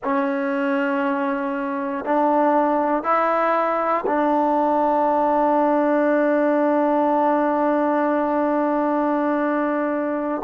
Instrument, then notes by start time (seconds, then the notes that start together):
trombone
0.03 C#4
2.04 D4
3.03 E4
4.06 D4